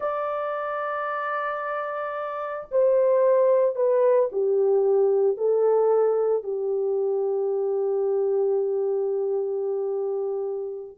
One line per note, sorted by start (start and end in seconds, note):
0.00 2.67 D5
2.71 3.75 C5
3.75 4.29 B4
4.31 5.37 G4
5.37 6.43 A4
6.43 10.98 G4